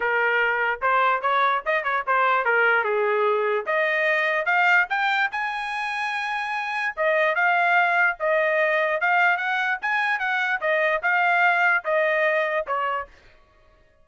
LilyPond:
\new Staff \with { instrumentName = "trumpet" } { \time 4/4 \tempo 4 = 147 ais'2 c''4 cis''4 | dis''8 cis''8 c''4 ais'4 gis'4~ | gis'4 dis''2 f''4 | g''4 gis''2.~ |
gis''4 dis''4 f''2 | dis''2 f''4 fis''4 | gis''4 fis''4 dis''4 f''4~ | f''4 dis''2 cis''4 | }